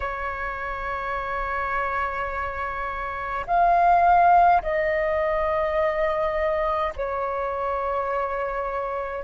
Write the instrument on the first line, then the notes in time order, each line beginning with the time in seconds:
flute
0.00 C#5
3.46 F5
4.62 D#5
6.95 C#5